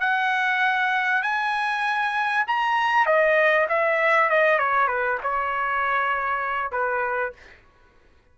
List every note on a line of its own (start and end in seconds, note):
0.00 1.22 F#5
1.22 2.45 G#5
2.48 3.06 A#5
3.06 3.67 D#5
3.69 4.30 E5
4.30 4.59 D#5
4.59 4.88 C#5
4.88 5.18 B4
5.23 6.72 C#5
6.72 7.33 B4